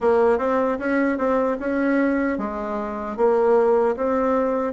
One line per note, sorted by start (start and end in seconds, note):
0.00 0.38 A#3
0.38 0.78 C4
0.79 1.17 C#4
1.17 1.57 C4
1.59 2.38 C#4
2.38 3.16 G#3
3.16 3.95 A#3
3.96 4.73 C4